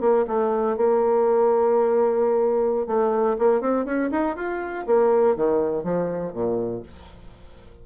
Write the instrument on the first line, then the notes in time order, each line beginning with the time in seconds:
bassoon
0.00 A#3
0.27 A3
0.76 A#3
2.86 A3
3.38 A#3
3.60 C4
3.85 C#4
4.11 D#4
4.36 F4
4.86 A#3
5.36 D#3
5.83 F3
6.33 A#2